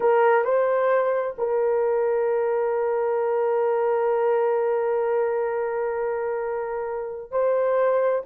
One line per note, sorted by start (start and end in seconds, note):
0.00 0.44 A#4
0.44 1.36 C5
1.37 7.31 A#4
7.31 8.22 C5